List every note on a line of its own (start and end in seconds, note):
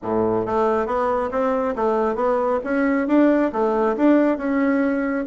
0.02 0.45 A2
0.45 0.86 A3
0.86 1.30 B3
1.31 1.74 C4
1.75 2.15 A3
2.15 2.59 B3
2.64 3.07 C#4
3.07 3.51 D4
3.52 3.96 A3
3.96 4.37 D4
4.37 5.25 C#4